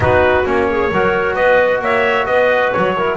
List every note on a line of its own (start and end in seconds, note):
0.00 0.44 B3
0.00 0.44 D#4
0.00 0.69 F#4
0.00 0.47 B4
0.45 0.91 A#3
0.45 0.90 C#4
0.45 1.34 C#5
0.70 0.91 G#4
0.91 1.35 F#3
0.91 2.96 F#4
0.91 1.34 A#4
1.34 1.81 B3
1.34 1.80 B4
1.34 1.80 D#5
1.81 2.26 A#3
1.81 2.27 C#5
1.81 2.26 E5
2.26 2.72 B3
2.26 2.95 B4
2.26 2.71 D#5
2.72 3.17 F#3
2.72 3.17 C#5
2.96 3.17 E4
2.96 3.17 A#4